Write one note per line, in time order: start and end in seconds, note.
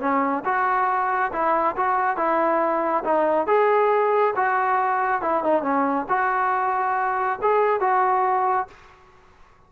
0.00 0.43 C#4
0.45 1.32 F#4
1.32 1.75 E4
1.76 2.17 F#4
2.17 3.04 E4
3.04 3.47 D#4
3.47 4.34 G#4
4.36 5.22 F#4
5.22 5.43 E4
5.43 5.62 D#4
5.62 6.06 C#4
6.08 7.39 F#4
7.42 7.80 G#4
7.80 8.67 F#4